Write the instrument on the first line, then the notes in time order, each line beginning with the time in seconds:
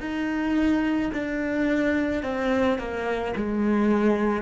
cello
0.00 D#4
1.13 D4
2.23 C4
2.78 A#3
3.36 G#3